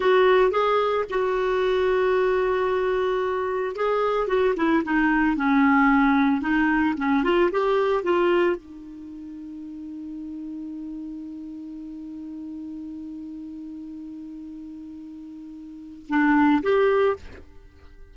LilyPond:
\new Staff \with { instrumentName = "clarinet" } { \time 4/4 \tempo 4 = 112 fis'4 gis'4 fis'2~ | fis'2. gis'4 | fis'8 e'8 dis'4 cis'2 | dis'4 cis'8 f'8 g'4 f'4 |
dis'1~ | dis'1~ | dis'1~ | dis'2 d'4 g'4 | }